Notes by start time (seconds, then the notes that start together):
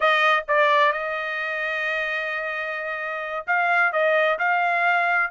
0.00 D#5
0.47 D5
0.92 D#5
3.47 F5
3.92 D#5
4.38 F5